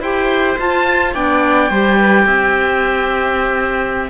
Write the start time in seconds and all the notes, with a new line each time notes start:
0.00 E4 G4 C5 G5
0.58 F4 A5
1.14 B3 D4 D5 G5
1.70 G3 G4 C5
1.97 B4
2.26 C4 E5